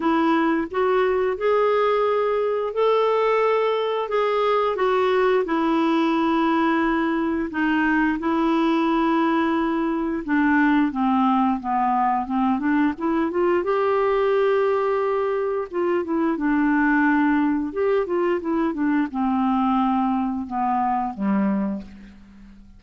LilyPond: \new Staff \with { instrumentName = "clarinet" } { \time 4/4 \tempo 4 = 88 e'4 fis'4 gis'2 | a'2 gis'4 fis'4 | e'2. dis'4 | e'2. d'4 |
c'4 b4 c'8 d'8 e'8 f'8 | g'2. f'8 e'8 | d'2 g'8 f'8 e'8 d'8 | c'2 b4 g4 | }